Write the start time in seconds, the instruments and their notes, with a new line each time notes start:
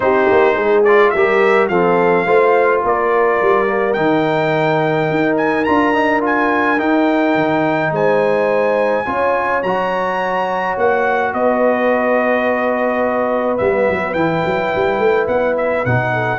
0.00 tuba C4, trombone D#4, horn G4, trumpet C5
0.31 tuba A#3
0.54 tuba G#3, horn G#4
0.84 trombone F4, trumpet D5
1.10 tuba G3, horn A#4, trumpet E5
1.16 trombone G4
1.68 tuba F3, trombone C4, horn A4, trumpet F5
2.25 tuba A3, trombone F4, horn C5
2.82 tuba A#3, horn A#4, trumpet D5
3.41 tuba G3
3.67 trombone A#3
3.93 tuba D#3, trombone D#4, trumpet G5
5.10 tuba D#4
5.36 trumpet G#5
5.64 tuba D4, trombone F4, trumpet A#5
5.93 trombone D#4
6.20 trombone F4, trumpet G#5
6.78 trombone D#4, tuba D#4, trumpet G5
7.34 tuba D#3
7.91 tuba G#3, horn C5, trumpet G#5
9.05 tuba C#4, trombone F4, horn C#5
9.62 tuba F#3, trombone F#4, trumpet A#5
10.77 tuba A#3, trumpet F#5
11.33 tuba B3, horn B4, trumpet D#5
13.57 tuba G3, trombone B3, trumpet E5
13.89 tuba F#3
14.13 tuba E3, trombone E4, trumpet G5
14.44 tuba F#3
14.75 tuba G3
14.98 tuba A3
15.27 tuba B3, trumpet F#5
15.57 trumpet E5
15.85 tuba B2, trombone D#4, trumpet F#5
16.12 horn A4